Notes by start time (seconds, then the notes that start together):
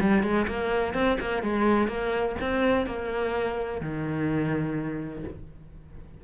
0.00 G3
0.23 G#3
0.47 A#3
0.94 C4
1.20 A#3
1.43 G#3
1.88 A#3
2.40 C4
2.86 A#3
3.81 D#3